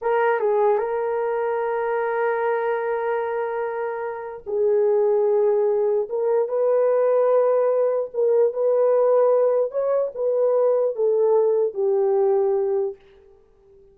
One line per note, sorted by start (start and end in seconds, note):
0.01 0.39 A#4
0.39 0.78 G#4
0.78 4.42 A#4
4.46 6.08 G#4
6.09 6.48 A#4
6.48 8.10 B4
8.13 8.53 A#4
8.53 9.71 B4
9.71 10.11 C#5
10.14 10.95 B4
10.95 11.74 A4
11.74 12.95 G4